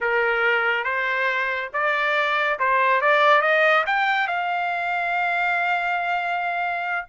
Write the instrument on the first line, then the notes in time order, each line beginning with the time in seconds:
trumpet
0.00 A#4
0.84 C5
1.73 D5
2.59 C5
3.01 D5
3.41 D#5
3.86 G5
4.27 F5